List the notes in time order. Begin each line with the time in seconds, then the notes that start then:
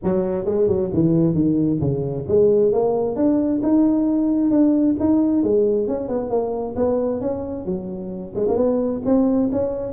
0.03 F#3
0.45 G#3
0.67 F#3
0.93 E3
1.34 D#3
1.80 C#3
2.28 G#3
2.72 A#3
3.16 D4
3.62 D#4
4.50 D4
4.99 D#4
5.43 G#3
5.87 C#4
6.08 B3
6.30 A#3
6.76 B3
7.21 C#4
7.65 F#3
8.35 G#3
8.48 A#3
8.57 B3
9.05 C4
9.52 C#4